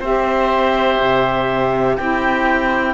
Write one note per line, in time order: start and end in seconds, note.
0.00 0.99 C4
0.00 1.99 G4
0.00 1.97 C5
0.00 1.97 E5
1.00 1.98 C3
1.97 2.94 C4
1.97 2.94 E4
1.97 2.94 G4
1.97 2.94 G5